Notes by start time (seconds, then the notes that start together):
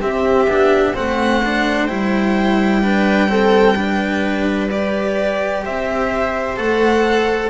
0.00 C4 G4 E5
0.47 B3 D4
0.94 A3 C4 C5 F#5
1.44 D4
1.87 G3 E4 G5
2.82 D4 B4
3.28 C4 A4
3.75 D4 B4
4.70 G4 D5
5.64 C4 C5 E5
6.56 A3 A4 F#5